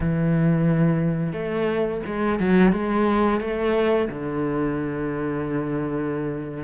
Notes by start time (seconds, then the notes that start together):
0.00 E3
1.33 A3
2.06 G#3
2.39 F#3
2.72 G#3
3.40 A3
4.08 D3